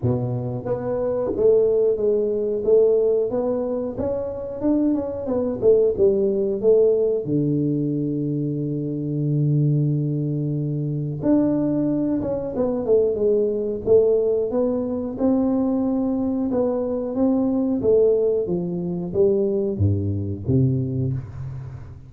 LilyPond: \new Staff \with { instrumentName = "tuba" } { \time 4/4 \tempo 4 = 91 b,4 b4 a4 gis4 | a4 b4 cis'4 d'8 cis'8 | b8 a8 g4 a4 d4~ | d1~ |
d4 d'4. cis'8 b8 a8 | gis4 a4 b4 c'4~ | c'4 b4 c'4 a4 | f4 g4 g,4 c4 | }